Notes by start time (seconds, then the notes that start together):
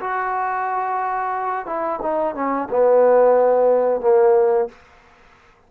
0.00 F#4
1.66 E4
2.02 D#4
2.35 C#4
2.70 B3
4.01 A#3